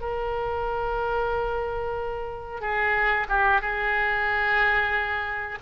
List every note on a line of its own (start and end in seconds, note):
0.00 2.61 A#4
2.61 3.27 G#4
3.29 3.61 G4
3.61 5.59 G#4